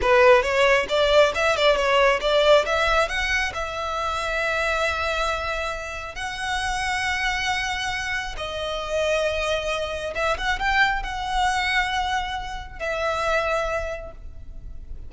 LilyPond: \new Staff \with { instrumentName = "violin" } { \time 4/4 \tempo 4 = 136 b'4 cis''4 d''4 e''8 d''8 | cis''4 d''4 e''4 fis''4 | e''1~ | e''2 fis''2~ |
fis''2. dis''4~ | dis''2. e''8 fis''8 | g''4 fis''2.~ | fis''4 e''2. | }